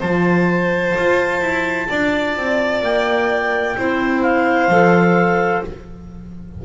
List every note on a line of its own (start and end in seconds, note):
0.00 0.96 F3
0.00 3.77 F4
0.00 1.88 C5
0.00 2.83 A5
0.98 1.41 F4
1.41 1.88 E4
1.89 2.37 D4
1.89 3.77 D5
2.37 2.83 C4
2.83 3.77 A#3
2.83 4.22 G5
3.77 4.69 C4
3.77 4.71 E4
3.77 5.65 C5
4.22 5.63 F5
4.69 5.62 F3
4.69 5.65 A4